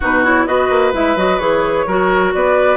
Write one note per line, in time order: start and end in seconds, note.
0.00 0.47 B2
0.00 0.24 D#4
0.00 0.45 F#4
0.00 0.24 B4
0.24 0.47 E4
0.24 0.46 C#5
0.46 0.70 B3
0.46 0.93 F#4
0.46 1.86 B4
0.46 0.93 D#5
0.70 0.93 A#3
0.93 1.16 G#3
0.93 1.16 E4
0.93 1.17 E5
1.16 1.39 F#3
1.16 1.40 F#4
1.16 1.39 D#5
1.39 1.86 E3
1.39 1.86 G#4
1.39 2.32 C#5
1.87 2.33 F#3
1.87 2.76 F#4
1.87 2.33 A#4
2.34 2.76 B3
2.34 2.76 B4
2.34 2.76 D5